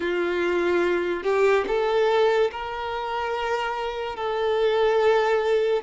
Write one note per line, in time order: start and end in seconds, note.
0.00 1.23 F4
1.23 1.64 G4
1.67 2.50 A4
2.52 4.16 A#4
4.16 5.83 A4